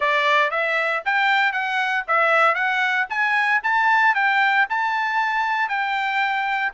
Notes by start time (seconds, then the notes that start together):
0.00 D5
0.51 E5
1.05 G5
1.52 F#5
2.07 E5
2.54 F#5
3.09 G#5
3.63 A5
4.14 G5
4.69 A5
5.68 G5